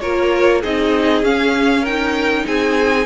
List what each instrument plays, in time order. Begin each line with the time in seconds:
0.00 cello A#3, viola F4, violin A#4 C#5
0.61 cello C4, viola D#4, violin G#4 D#5
1.22 cello C#4, viola C#4, violin F5
1.81 viola D#4, violin A#4 G5
2.46 cello C4, violin G#4 G#5